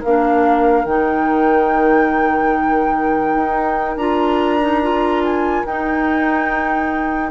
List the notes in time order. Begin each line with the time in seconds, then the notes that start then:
0.00 A#3 D4 A#4 F5
0.85 D#3 D#4 G5
3.35 D#4
3.96 D4 F4 A#5
4.60 D#4
4.82 F4
5.24 G#5
5.65 D#4 G5